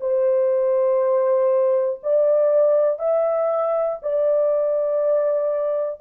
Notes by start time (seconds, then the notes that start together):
0.00 C5
2.03 D5
3.00 E5
4.02 D5